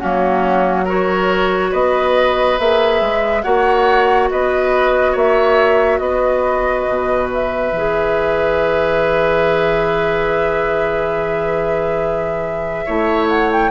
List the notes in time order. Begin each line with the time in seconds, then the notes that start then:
0.00 F#3 A#3 C#4 F#4
0.85 F#4 A#4 C#5
1.71 B3 B4 D#5
2.59 A#3 G#4 E5
3.02 G#3
3.43 A#3 F#4 C#5 F#5
4.31 B3 B4 D#5
5.13 A#3 C#5 E5
5.99 B3 B4 D#5
6.89 B2
7.34 E5
7.72 E3 G#4
12.86 A3 E4 C#5
13.30 F#5
13.52 G5